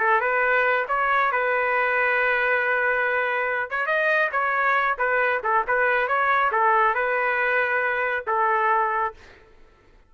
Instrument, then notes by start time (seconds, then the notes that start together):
trumpet
0.00 A4
0.21 B4
0.89 C#5
1.32 B4
3.71 C#5
3.87 D#5
4.32 C#5
4.99 B4
5.44 A4
5.68 B4
6.08 C#5
6.52 A4
6.95 B4
8.28 A4